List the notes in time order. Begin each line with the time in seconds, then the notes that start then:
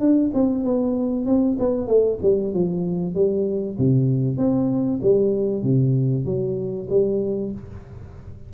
0.00 D4
0.34 C4
0.64 B3
1.26 C4
1.59 B3
1.88 A3
2.22 G3
2.53 F3
3.15 G3
3.78 C3
4.38 C4
5.03 G3
5.63 C3
6.25 F#3
6.90 G3